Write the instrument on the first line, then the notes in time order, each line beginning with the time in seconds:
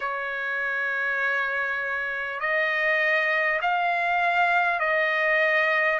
trumpet
0.00 C#5
2.39 D#5
3.61 F5
4.79 D#5